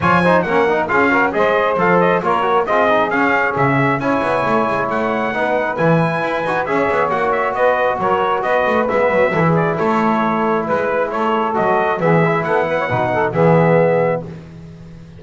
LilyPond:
<<
  \new Staff \with { instrumentName = "trumpet" } { \time 4/4 \tempo 4 = 135 gis''4 fis''4 f''4 dis''4 | f''8 dis''8 cis''4 dis''4 f''4 | e''4 gis''2 fis''4~ | fis''4 gis''2 e''4 |
fis''8 e''8 dis''4 cis''4 dis''4 | e''4. d''8 cis''2 | b'4 cis''4 dis''4 e''4 | fis''2 e''2 | }
  \new Staff \with { instrumentName = "saxophone" } { \time 4/4 cis''8 c''8 ais'4 gis'8 ais'8 c''4~ | c''4 ais'4 gis'2~ | gis'4 cis''2. | b'2. cis''4~ |
cis''4 b'4 ais'4 b'4~ | b'4 a'16 gis'8. a'2 | b'4 a'2 gis'4 | a'8 b'16 cis''16 b'8 a'8 gis'2 | }
  \new Staff \with { instrumentName = "trombone" } { \time 4/4 f'8 dis'8 cis'8 dis'8 f'8 fis'8 gis'4 | a'4 f'8 fis'8 f'8 dis'8 cis'4~ | cis'4 e'2. | dis'4 e'4. fis'8 gis'4 |
fis'1 | b4 e'2.~ | e'2 fis'4 b8 e'8~ | e'4 dis'4 b2 | }
  \new Staff \with { instrumentName = "double bass" } { \time 4/4 f4 ais4 cis'4 gis4 | f4 ais4 c'4 cis'4 | cis4 cis'8 b8 a8 gis8 a4 | b4 e4 e'8 dis'8 cis'8 b8 |
ais4 b4 fis4 b8 a8 | gis8 fis8 e4 a2 | gis4 a4 fis4 e4 | b4 b,4 e2 | }
>>